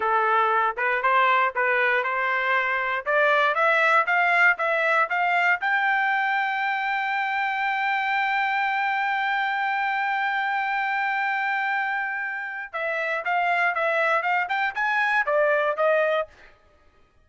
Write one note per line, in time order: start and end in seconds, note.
0.00 0.76 A4
0.76 1.02 B4
1.02 1.53 C5
1.55 2.03 B4
2.03 3.05 C5
3.05 3.54 D5
3.54 4.05 E5
4.06 4.57 F5
4.58 5.08 E5
5.09 5.60 F5
5.60 12.72 G5
12.73 13.23 E5
13.24 13.74 F5
13.74 14.22 E5
14.22 14.47 F5
14.48 14.74 G5
14.75 15.25 G#5
15.25 15.76 D5
15.77 16.27 D#5